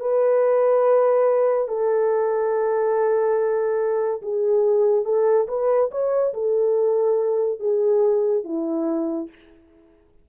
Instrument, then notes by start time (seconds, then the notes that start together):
horn
0.00 B4
1.68 A4
4.22 G#4
5.05 A4
5.48 B4
5.91 C#5
6.34 A4
7.60 G#4
8.44 E4